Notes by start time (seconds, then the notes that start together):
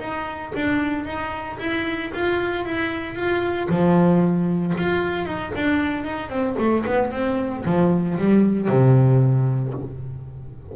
0.00 D#4
0.56 D4
1.06 D#4
1.60 E4
2.14 F4
2.66 E4
3.16 F4
3.69 F3
4.78 F4
5.26 D#4
5.56 D4
6.05 D#4
6.30 C4
6.59 A3
6.86 B3
7.12 C4
7.66 F3
8.18 G3
8.69 C3